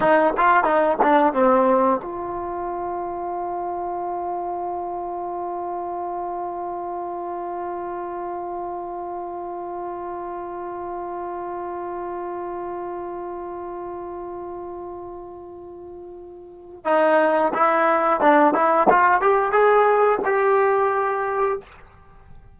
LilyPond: \new Staff \with { instrumentName = "trombone" } { \time 4/4 \tempo 4 = 89 dis'8 f'8 dis'8 d'8 c'4 f'4~ | f'1~ | f'1~ | f'1~ |
f'1~ | f'1~ | f'4 dis'4 e'4 d'8 e'8 | f'8 g'8 gis'4 g'2 | }